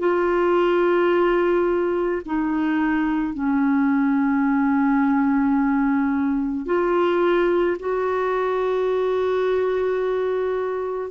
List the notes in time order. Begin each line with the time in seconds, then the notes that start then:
0.00 F4
2.25 D#4
3.34 C#4
6.66 F4
7.79 F#4